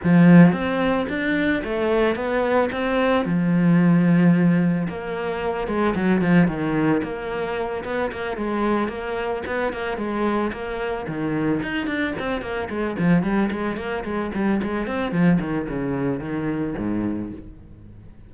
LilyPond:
\new Staff \with { instrumentName = "cello" } { \time 4/4 \tempo 4 = 111 f4 c'4 d'4 a4 | b4 c'4 f2~ | f4 ais4. gis8 fis8 f8 | dis4 ais4. b8 ais8 gis8~ |
gis8 ais4 b8 ais8 gis4 ais8~ | ais8 dis4 dis'8 d'8 c'8 ais8 gis8 | f8 g8 gis8 ais8 gis8 g8 gis8 c'8 | f8 dis8 cis4 dis4 gis,4 | }